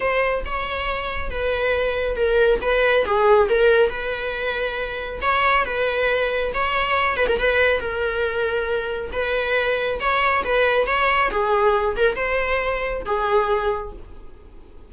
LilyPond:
\new Staff \with { instrumentName = "viola" } { \time 4/4 \tempo 4 = 138 c''4 cis''2 b'4~ | b'4 ais'4 b'4 gis'4 | ais'4 b'2. | cis''4 b'2 cis''4~ |
cis''8 b'16 ais'16 b'4 ais'2~ | ais'4 b'2 cis''4 | b'4 cis''4 gis'4. ais'8 | c''2 gis'2 | }